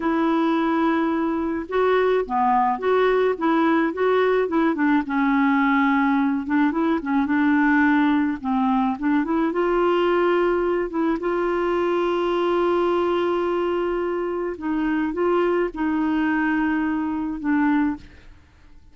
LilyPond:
\new Staff \with { instrumentName = "clarinet" } { \time 4/4 \tempo 4 = 107 e'2. fis'4 | b4 fis'4 e'4 fis'4 | e'8 d'8 cis'2~ cis'8 d'8 | e'8 cis'8 d'2 c'4 |
d'8 e'8 f'2~ f'8 e'8 | f'1~ | f'2 dis'4 f'4 | dis'2. d'4 | }